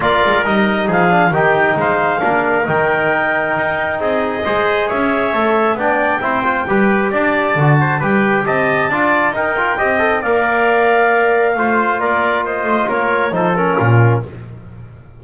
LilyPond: <<
  \new Staff \with { instrumentName = "clarinet" } { \time 4/4 \tempo 4 = 135 d''4 dis''4 f''4 g''4 | f''2 g''2~ | g''4 dis''2 e''4~ | e''4 g''2. |
a''2 g''4 a''4~ | a''4 g''2 f''4~ | f''2. d''4 | dis''4 cis''4 c''8 ais'4. | }
  \new Staff \with { instrumentName = "trumpet" } { \time 4/4 ais'2 gis'4 g'4 | c''4 ais'2.~ | ais'4 gis'4 c''4 cis''4~ | cis''4 d''4 c''4 b'4 |
d''4. c''8 b'4 dis''4 | d''4 ais'4 dis''4 d''4~ | d''2 c''4 ais'4 | c''4 ais'4 a'4 f'4 | }
  \new Staff \with { instrumentName = "trombone" } { \time 4/4 f'4 dis'4. d'8 dis'4~ | dis'4 d'4 dis'2~ | dis'2 gis'2 | a'4 d'4 e'8 f'8 g'4~ |
g'4 fis'4 g'2 | f'4 dis'8 f'8 g'8 a'8 ais'4~ | ais'2 f'2~ | f'2 dis'8 cis'4. | }
  \new Staff \with { instrumentName = "double bass" } { \time 4/4 ais8 gis8 g4 f4 dis4 | gis4 ais4 dis2 | dis'4 c'4 gis4 cis'4 | a4 b4 c'4 g4 |
d'4 d4 g4 c'4 | d'4 dis'4 c'4 ais4~ | ais2 a4 ais4~ | ais8 a8 ais4 f4 ais,4 | }
>>